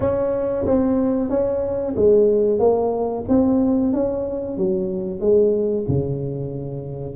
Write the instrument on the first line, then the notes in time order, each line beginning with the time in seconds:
tuba
0.00 C#4
0.66 C4
1.29 C#4
1.96 G#3
2.59 A#3
3.28 C4
3.93 C#4
4.57 F#3
5.20 G#3
5.88 C#3